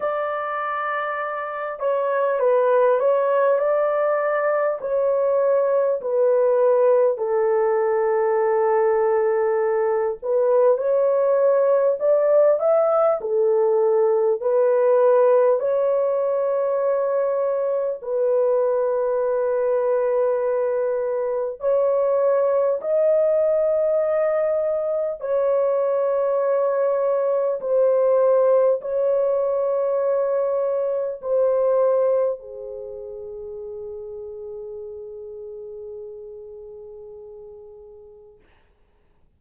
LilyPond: \new Staff \with { instrumentName = "horn" } { \time 4/4 \tempo 4 = 50 d''4. cis''8 b'8 cis''8 d''4 | cis''4 b'4 a'2~ | a'8 b'8 cis''4 d''8 e''8 a'4 | b'4 cis''2 b'4~ |
b'2 cis''4 dis''4~ | dis''4 cis''2 c''4 | cis''2 c''4 gis'4~ | gis'1 | }